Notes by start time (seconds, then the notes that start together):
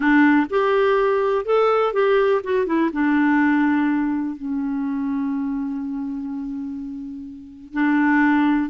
0.00 D4
0.49 G4
1.45 A4
1.93 G4
2.43 F#4
2.66 E4
2.92 D4
4.36 C#4
7.73 D4